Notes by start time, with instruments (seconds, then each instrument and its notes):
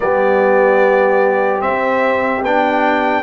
0.00 tuba G3, trombone B3, horn G4, trumpet D5
1.60 trombone C4, tuba C4, trumpet E5
2.42 tuba B3, trombone D4, trumpet G5